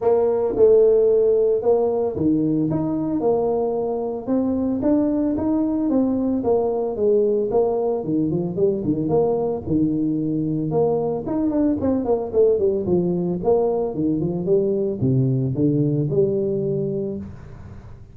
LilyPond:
\new Staff \with { instrumentName = "tuba" } { \time 4/4 \tempo 4 = 112 ais4 a2 ais4 | dis4 dis'4 ais2 | c'4 d'4 dis'4 c'4 | ais4 gis4 ais4 dis8 f8 |
g8 dis8 ais4 dis2 | ais4 dis'8 d'8 c'8 ais8 a8 g8 | f4 ais4 dis8 f8 g4 | c4 d4 g2 | }